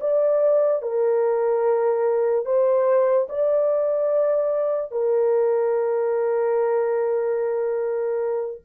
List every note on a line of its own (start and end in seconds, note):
0.00 0.82 D5
0.82 2.45 A#4
2.45 3.28 C5
3.29 4.91 D5
4.91 8.61 A#4